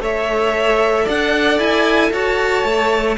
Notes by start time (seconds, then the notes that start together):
0.00 A3 A4 C#5 E5
1.04 D4 D5 F#5
1.58 E4 G#5
2.12 F#4 C#5 A5
2.64 A3